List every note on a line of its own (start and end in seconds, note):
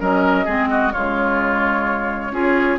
0.00 0.47 F#3
0.00 0.46 C#4
0.00 0.45 A#4
0.00 0.92 D#5
0.45 0.93 G#3
0.45 0.93 C4
0.45 0.68 G#4
0.70 0.92 F#4
0.92 2.31 C#3
0.92 2.33 G#3
0.92 2.32 F4
0.92 2.78 C#5
2.31 2.78 C#4
2.31 2.79 F4
2.31 2.79 G#4